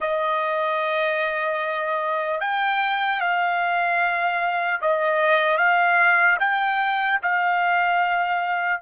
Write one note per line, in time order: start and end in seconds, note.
0.00 2.40 D#5
2.40 3.20 G5
3.20 4.80 F5
4.81 5.57 D#5
5.57 6.37 F5
6.39 7.19 G5
7.22 8.81 F5